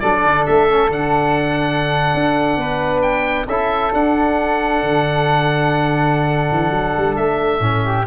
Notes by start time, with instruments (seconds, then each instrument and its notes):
0.00 tuba F#3, trombone D4, flute A4, oboe D5
0.24 tuba D3
0.46 tuba A3, oboe E5
0.69 trombone C#4
0.90 tuba D3, trombone D4, oboe F#5
2.14 tuba D4
2.57 tuba B3, flute B4
3.01 oboe G5
3.47 tuba C#4, trombone E4, flute A4, oboe E5
3.93 trombone D4, tuba D4, oboe F#5
4.83 tuba D3
6.51 tuba E3
6.70 tuba F#3
6.97 tuba G3
7.16 tuba A3, oboe E5
7.60 tuba A2, trombone C#4
7.85 flute G4